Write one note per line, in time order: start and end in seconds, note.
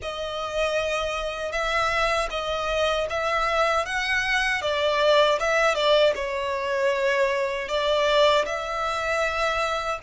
0.02 1.52 D#5
1.52 2.29 E5
2.30 3.07 D#5
3.09 3.85 E5
3.85 4.62 F#5
4.62 5.38 D5
5.39 5.74 E5
5.74 6.13 D5
6.15 7.68 C#5
7.68 8.45 D5
8.45 9.99 E5